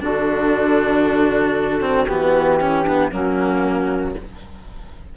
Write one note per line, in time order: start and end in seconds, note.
0.00 2.09 D3
0.00 1.81 D4
0.00 2.62 F#4
0.00 2.06 A4
1.81 2.07 C4
2.06 3.12 E3
2.06 2.61 B3
2.06 3.10 G4
2.61 2.86 C#4
2.61 2.83 E4
2.83 3.12 B3
2.83 3.09 D4
3.12 4.15 F#3
3.12 4.15 A#3
3.12 4.16 C#4
3.12 4.17 F#4